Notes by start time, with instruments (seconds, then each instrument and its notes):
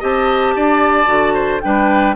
0.00 bassoon C4, clarinet G4, oboe D#5, flute A5
0.56 bassoon D4, oboe D5
1.06 bassoon D3, clarinet F#4
1.34 oboe C5
1.61 bassoon G3, clarinet D4, oboe B4, flute G5